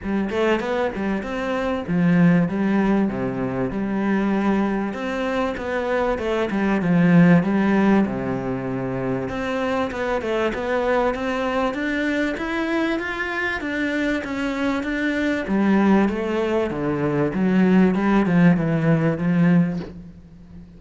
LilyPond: \new Staff \with { instrumentName = "cello" } { \time 4/4 \tempo 4 = 97 g8 a8 b8 g8 c'4 f4 | g4 c4 g2 | c'4 b4 a8 g8 f4 | g4 c2 c'4 |
b8 a8 b4 c'4 d'4 | e'4 f'4 d'4 cis'4 | d'4 g4 a4 d4 | fis4 g8 f8 e4 f4 | }